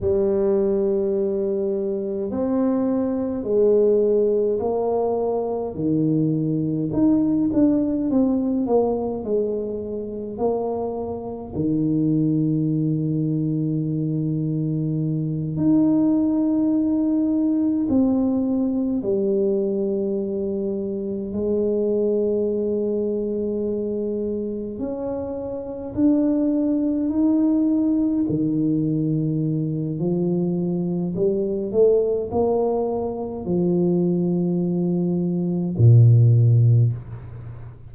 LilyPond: \new Staff \with { instrumentName = "tuba" } { \time 4/4 \tempo 4 = 52 g2 c'4 gis4 | ais4 dis4 dis'8 d'8 c'8 ais8 | gis4 ais4 dis2~ | dis4. dis'2 c'8~ |
c'8 g2 gis4.~ | gis4. cis'4 d'4 dis'8~ | dis'8 dis4. f4 g8 a8 | ais4 f2 ais,4 | }